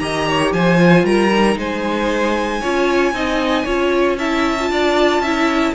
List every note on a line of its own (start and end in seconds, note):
0.00 0.52 D#3
0.00 0.78 G4
0.00 0.28 D#5
0.00 0.52 A#5
0.28 0.54 C#5
0.52 1.04 F3
0.52 1.06 C5
0.52 1.06 G#5
0.78 1.30 F4
1.04 1.56 G3
1.04 1.58 A#4
1.04 1.58 A#5
1.31 2.62 D#4
1.57 2.61 G#3
1.57 2.61 C5
1.57 4.18 G#5
2.61 3.12 C#4
2.61 3.14 F4
2.61 3.13 C#5
3.12 3.65 C4
3.12 3.66 D#4
3.12 3.65 D#5
3.65 4.71 C#4
3.65 4.18 F4
3.65 4.17 C#5
4.18 4.59 E4
4.18 4.71 E5
4.18 5.75 A5
4.60 5.25 F4
4.71 5.20 D4
4.71 5.22 D5
5.20 5.72 C#4
5.20 5.75 E4
5.20 5.74 E5